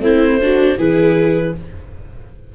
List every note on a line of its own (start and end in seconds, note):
0.00 0.76 A3
0.00 0.40 C4
0.00 0.41 E4
0.00 0.79 C5
0.41 0.78 D4
0.41 0.78 F#4
0.78 1.54 E3
0.78 1.54 E4
0.78 1.54 G#4
0.78 1.55 B4